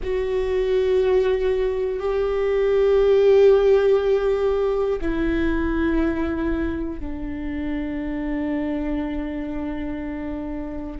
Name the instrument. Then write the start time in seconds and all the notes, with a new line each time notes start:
viola
0.03 F#4
2.00 G4
5.00 E4
7.00 D4